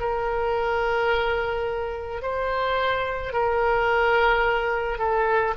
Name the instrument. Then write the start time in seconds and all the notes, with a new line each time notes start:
oboe
0.00 A#4
2.22 C5
3.33 A#4
4.98 A4